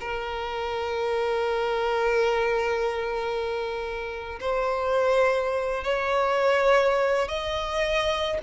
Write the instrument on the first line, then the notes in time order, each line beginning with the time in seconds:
violin
0.00 A#4
4.40 C5
5.83 C#5
7.28 D#5